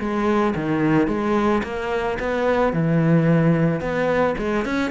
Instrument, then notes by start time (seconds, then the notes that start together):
cello
0.00 G#3
0.56 D#3
1.08 G#3
1.64 A#3
2.20 B3
2.73 E3
3.81 B3
4.38 G#3
4.65 C#4